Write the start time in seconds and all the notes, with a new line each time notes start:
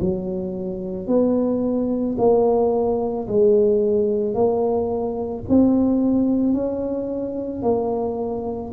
0.00 F#3
1.07 B3
2.18 A#3
3.27 G#3
4.34 A#3
5.48 C4
6.53 C#4
7.62 A#3